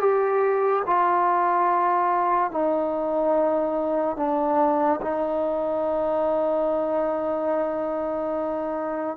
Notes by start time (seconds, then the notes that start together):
0.00 G4
0.86 F4
2.51 D#4
4.17 D4
5.02 D#4